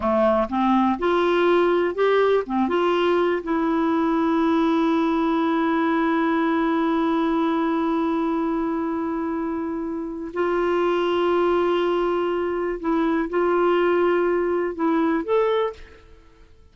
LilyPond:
\new Staff \with { instrumentName = "clarinet" } { \time 4/4 \tempo 4 = 122 a4 c'4 f'2 | g'4 c'8 f'4. e'4~ | e'1~ | e'1~ |
e'1~ | e'4 f'2.~ | f'2 e'4 f'4~ | f'2 e'4 a'4 | }